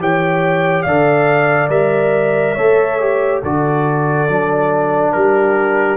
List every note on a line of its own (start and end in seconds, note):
0.00 0.86 E3
0.00 0.86 G4
0.00 0.84 C#5
0.00 0.83 G5
0.83 1.69 D3
0.83 1.70 A4
0.83 2.55 D5
0.83 1.69 F5
1.69 2.55 G3
1.69 2.56 A#4
1.69 3.42 E5
2.55 3.43 A3
2.55 3.00 A4
2.55 3.41 C#5
3.00 3.43 G4
3.43 4.29 D3
3.43 4.29 F#4
3.43 5.14 A4
3.43 5.13 D5
4.29 5.15 F#3
4.29 5.97 D4
5.13 5.97 G3
5.13 5.97 G4
5.13 5.97 A#4